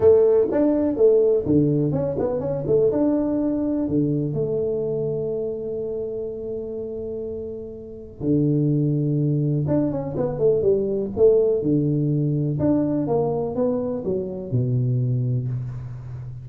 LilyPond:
\new Staff \with { instrumentName = "tuba" } { \time 4/4 \tempo 4 = 124 a4 d'4 a4 d4 | cis'8 b8 cis'8 a8 d'2 | d4 a2.~ | a1~ |
a4 d2. | d'8 cis'8 b8 a8 g4 a4 | d2 d'4 ais4 | b4 fis4 b,2 | }